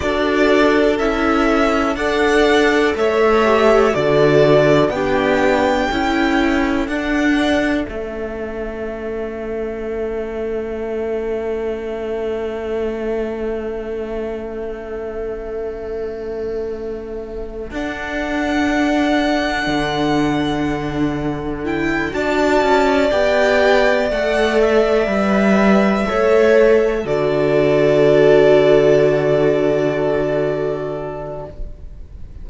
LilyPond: <<
  \new Staff \with { instrumentName = "violin" } { \time 4/4 \tempo 4 = 61 d''4 e''4 fis''4 e''4 | d''4 g''2 fis''4 | e''1~ | e''1~ |
e''2 fis''2~ | fis''2 g''8 a''4 g''8~ | g''8 fis''8 e''2~ e''8 d''8~ | d''1 | }
  \new Staff \with { instrumentName = "violin" } { \time 4/4 a'2 d''4 cis''4 | a'4 g'4 a'2~ | a'1~ | a'1~ |
a'1~ | a'2~ a'8 d''4.~ | d''2~ d''8 cis''4 a'8~ | a'1 | }
  \new Staff \with { instrumentName = "viola" } { \time 4/4 fis'4 e'4 a'4. g'8 | fis'4 d'4 e'4 d'4 | cis'1~ | cis'1~ |
cis'2 d'2~ | d'2 e'8 fis'4 g'8~ | g'8 a'4 b'4 a'4 fis'8~ | fis'1 | }
  \new Staff \with { instrumentName = "cello" } { \time 4/4 d'4 cis'4 d'4 a4 | d4 b4 cis'4 d'4 | a1~ | a1~ |
a2 d'2 | d2~ d8 d'8 cis'8 b8~ | b8 a4 g4 a4 d8~ | d1 | }
>>